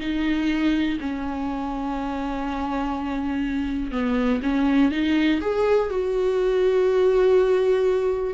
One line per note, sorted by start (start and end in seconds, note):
0.00 0.98 D#4
1.01 3.92 C#4
3.92 4.41 B3
4.43 4.92 C#4
4.92 5.41 D#4
5.41 5.90 G#4
5.90 8.34 F#4